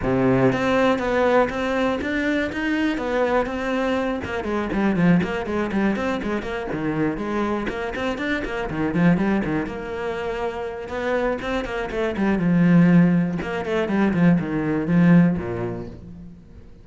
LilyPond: \new Staff \with { instrumentName = "cello" } { \time 4/4 \tempo 4 = 121 c4 c'4 b4 c'4 | d'4 dis'4 b4 c'4~ | c'8 ais8 gis8 g8 f8 ais8 gis8 g8 | c'8 gis8 ais8 dis4 gis4 ais8 |
c'8 d'8 ais8 dis8 f8 g8 dis8 ais8~ | ais2 b4 c'8 ais8 | a8 g8 f2 ais8 a8 | g8 f8 dis4 f4 ais,4 | }